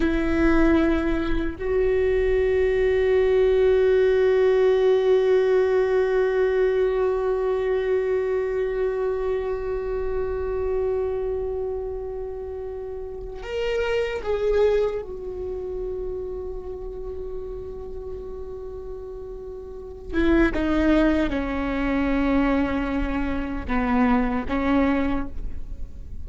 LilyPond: \new Staff \with { instrumentName = "viola" } { \time 4/4 \tempo 4 = 76 e'2 fis'2~ | fis'1~ | fis'1~ | fis'1~ |
fis'4 ais'4 gis'4 fis'4~ | fis'1~ | fis'4. e'8 dis'4 cis'4~ | cis'2 b4 cis'4 | }